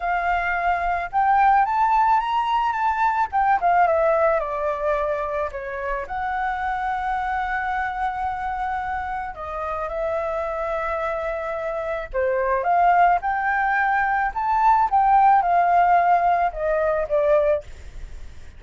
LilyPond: \new Staff \with { instrumentName = "flute" } { \time 4/4 \tempo 4 = 109 f''2 g''4 a''4 | ais''4 a''4 g''8 f''8 e''4 | d''2 cis''4 fis''4~ | fis''1~ |
fis''4 dis''4 e''2~ | e''2 c''4 f''4 | g''2 a''4 g''4 | f''2 dis''4 d''4 | }